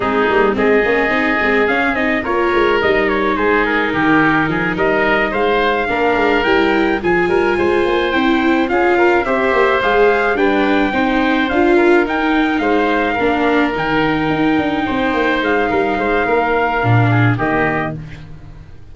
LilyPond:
<<
  \new Staff \with { instrumentName = "trumpet" } { \time 4/4 \tempo 4 = 107 gis'4 dis''2 f''8 dis''8 | cis''4 dis''8 cis''8 c''8 ais'4.~ | ais'8 dis''4 f''2 g''8~ | g''8 gis''2 g''4 f''8~ |
f''8 e''4 f''4 g''4.~ | g''8 f''4 g''4 f''4.~ | f''8 g''2. f''8~ | f''2. dis''4 | }
  \new Staff \with { instrumentName = "oboe" } { \time 4/4 dis'4 gis'2. | ais'2 gis'4 g'4 | gis'8 ais'4 c''4 ais'4.~ | ais'8 gis'8 ais'8 c''2 gis'8 |
ais'8 c''2 b'4 c''8~ | c''4 ais'4. c''4 ais'8~ | ais'2~ ais'8 c''4. | ais'8 c''8 ais'4. gis'8 g'4 | }
  \new Staff \with { instrumentName = "viola" } { \time 4/4 c'8 ais8 c'8 cis'8 dis'8 c'8 cis'8 dis'8 | f'4 dis'2.~ | dis'2~ dis'8 d'4 e'8~ | e'8 f'2 e'4 f'8~ |
f'8 g'4 gis'4 d'4 dis'8~ | dis'8 f'4 dis'2 d'8~ | d'8 dis'2.~ dis'8~ | dis'2 d'4 ais4 | }
  \new Staff \with { instrumentName = "tuba" } { \time 4/4 gis8 g8 gis8 ais8 c'8 gis8 cis'8 c'8 | ais8 gis8 g4 gis4 dis4 | f8 g4 gis4 ais8 gis8 g8~ | g8 f8 g8 gis8 ais8 c'4 cis'8~ |
cis'8 c'8 ais8 gis4 g4 c'8~ | c'8 d'4 dis'4 gis4 ais8~ | ais8 dis4 dis'8 d'8 c'8 ais8 gis8 | g8 gis8 ais4 ais,4 dis4 | }
>>